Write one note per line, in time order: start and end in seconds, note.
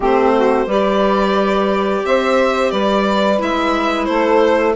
0.00 0.65 A3
0.00 0.69 C4
0.00 0.33 G4
0.00 0.71 C5
0.36 0.66 F#4
0.66 2.03 G3
0.66 3.38 G4
0.66 2.03 B4
0.66 2.05 D5
2.05 2.71 C4
2.05 2.72 C5
2.05 2.71 E5
2.71 3.40 G3
2.71 4.08 B4
2.71 3.39 D5
3.38 4.08 G#3
3.38 4.74 E4
3.38 4.05 E5
4.05 4.76 A3
4.05 4.76 A4
4.05 4.73 C5